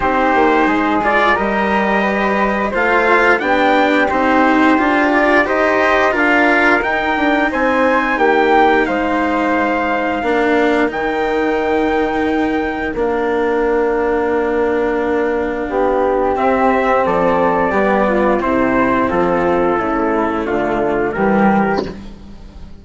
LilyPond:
<<
  \new Staff \with { instrumentName = "trumpet" } { \time 4/4 \tempo 4 = 88 c''4. d''8 dis''2 | f''4 g''4 c''4. d''8 | dis''4 f''4 g''4 gis''4 | g''4 f''2. |
g''2. f''4~ | f''1 | e''4 d''2 c''4 | a'2 f'4 ais'4 | }
  \new Staff \with { instrumentName = "flute" } { \time 4/4 g'4 gis'4 ais'4 b'4 | c''4 g'2. | c''4 ais'2 c''4 | g'4 c''2 ais'4~ |
ais'1~ | ais'2. g'4~ | g'4 a'4 g'8 f'8 e'4 | f'4 e'4 d'4 g'4 | }
  \new Staff \with { instrumentName = "cello" } { \time 4/4 dis'4. f'8 g'2 | f'4 d'4 dis'4 f'4 | g'4 f'4 dis'2~ | dis'2. d'4 |
dis'2. d'4~ | d'1 | c'2 b4 c'4~ | c'4 a2 g4 | }
  \new Staff \with { instrumentName = "bassoon" } { \time 4/4 c'8 ais8 gis4 g2 | a4 b4 c'4 d'4 | dis'4 d'4 dis'8 d'8 c'4 | ais4 gis2 ais4 |
dis2. ais4~ | ais2. b4 | c'4 f4 g4 c4 | f4 cis4 d4 e4 | }
>>